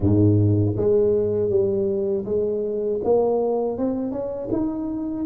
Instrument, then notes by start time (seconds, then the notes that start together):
tuba
0.00 G#2
0.76 G#3
1.49 G3
2.25 G#3
3.04 A#3
3.77 C4
4.11 C#4
4.52 D#4